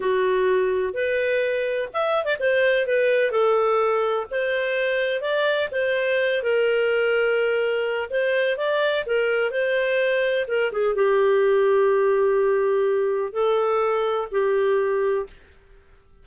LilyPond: \new Staff \with { instrumentName = "clarinet" } { \time 4/4 \tempo 4 = 126 fis'2 b'2 | e''8. d''16 c''4 b'4 a'4~ | a'4 c''2 d''4 | c''4. ais'2~ ais'8~ |
ais'4 c''4 d''4 ais'4 | c''2 ais'8 gis'8 g'4~ | g'1 | a'2 g'2 | }